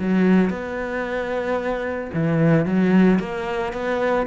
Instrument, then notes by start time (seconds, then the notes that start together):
cello
0.00 F#3
0.51 B3
2.14 E3
2.66 F#3
3.20 A#3
3.73 B3